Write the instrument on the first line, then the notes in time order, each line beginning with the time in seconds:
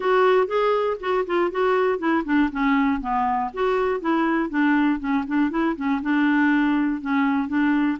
clarinet
0.00 F#4
0.47 G#4
1.00 F#4
1.26 F4
1.51 F#4
1.98 E4
2.25 D4
2.51 C#4
3.00 B3
3.53 F#4
4.00 E4
4.49 D4
4.99 C#4
5.27 D4
5.50 E4
5.76 C#4
6.02 D4
7.01 C#4
7.47 D4